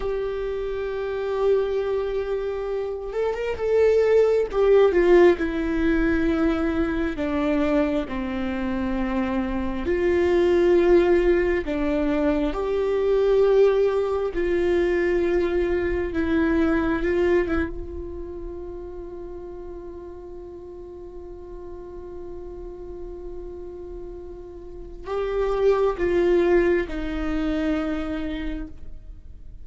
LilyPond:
\new Staff \with { instrumentName = "viola" } { \time 4/4 \tempo 4 = 67 g'2.~ g'8 a'16 ais'16 | a'4 g'8 f'8 e'2 | d'4 c'2 f'4~ | f'4 d'4 g'2 |
f'2 e'4 f'8 e'16 f'16~ | f'1~ | f'1 | g'4 f'4 dis'2 | }